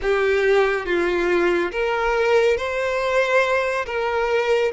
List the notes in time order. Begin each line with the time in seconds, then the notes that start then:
0.02 G4
0.85 F4
1.71 A#4
2.57 C5
3.86 A#4